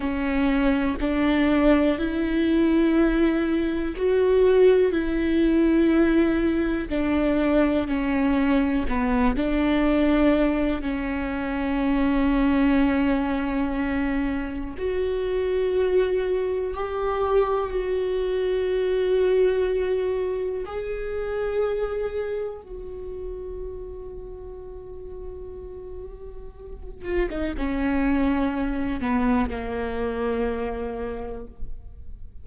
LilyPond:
\new Staff \with { instrumentName = "viola" } { \time 4/4 \tempo 4 = 61 cis'4 d'4 e'2 | fis'4 e'2 d'4 | cis'4 b8 d'4. cis'4~ | cis'2. fis'4~ |
fis'4 g'4 fis'2~ | fis'4 gis'2 fis'4~ | fis'2.~ fis'8 f'16 dis'16 | cis'4. b8 ais2 | }